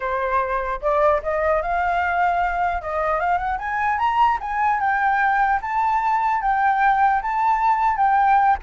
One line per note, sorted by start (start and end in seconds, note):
0.00 0.80 C5
0.81 1.21 D5
1.22 1.61 D#5
1.61 2.81 F5
2.81 3.20 D#5
3.20 3.38 F5
3.38 3.58 F#5
3.58 3.98 G#5
3.98 4.38 A#5
4.41 4.79 G#5
4.79 5.59 G5
5.61 6.41 A5
6.41 7.21 G5
7.22 7.96 A5
7.96 8.56 G5